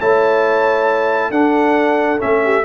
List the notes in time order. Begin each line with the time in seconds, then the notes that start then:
0.00 A3 E4 C#5 A5
1.30 D4 A4 F#5
2.19 A3 C#4 E5
2.44 G4